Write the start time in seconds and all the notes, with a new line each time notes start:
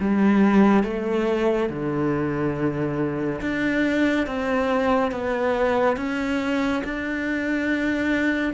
0.00 G3
0.84 A3
1.70 D3
3.41 D4
4.27 C4
5.12 B3
5.97 C#4
6.85 D4